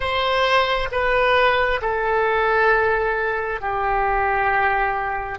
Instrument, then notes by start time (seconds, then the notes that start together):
oboe
0.00 C5
0.91 B4
1.82 A4
3.61 G4